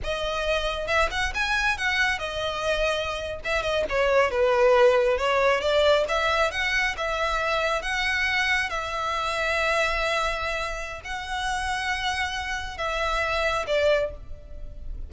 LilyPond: \new Staff \with { instrumentName = "violin" } { \time 4/4 \tempo 4 = 136 dis''2 e''8 fis''8 gis''4 | fis''4 dis''2~ dis''8. e''16~ | e''16 dis''8 cis''4 b'2 cis''16~ | cis''8. d''4 e''4 fis''4 e''16~ |
e''4.~ e''16 fis''2 e''16~ | e''1~ | e''4 fis''2.~ | fis''4 e''2 d''4 | }